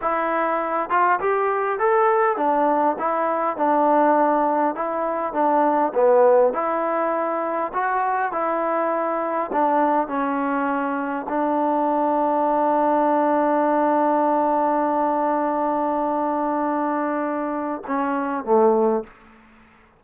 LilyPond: \new Staff \with { instrumentName = "trombone" } { \time 4/4 \tempo 4 = 101 e'4. f'8 g'4 a'4 | d'4 e'4 d'2 | e'4 d'4 b4 e'4~ | e'4 fis'4 e'2 |
d'4 cis'2 d'4~ | d'1~ | d'1~ | d'2 cis'4 a4 | }